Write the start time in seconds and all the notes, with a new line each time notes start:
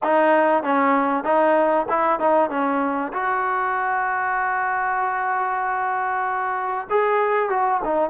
0.03 D#4
0.62 C#4
1.23 D#4
1.89 E4
2.19 D#4
2.50 C#4
3.12 F#4
6.89 G#4
7.49 F#4
7.84 D#4